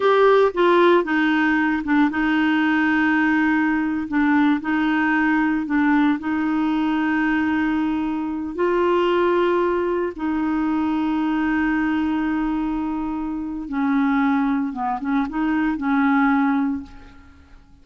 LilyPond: \new Staff \with { instrumentName = "clarinet" } { \time 4/4 \tempo 4 = 114 g'4 f'4 dis'4. d'8 | dis'2.~ dis'8. d'16~ | d'8. dis'2 d'4 dis'16~ | dis'1~ |
dis'16 f'2. dis'8.~ | dis'1~ | dis'2 cis'2 | b8 cis'8 dis'4 cis'2 | }